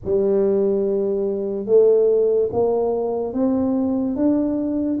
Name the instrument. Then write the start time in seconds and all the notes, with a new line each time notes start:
tuba
0.04 G3
1.66 A3
2.52 A#3
3.33 C4
4.16 D4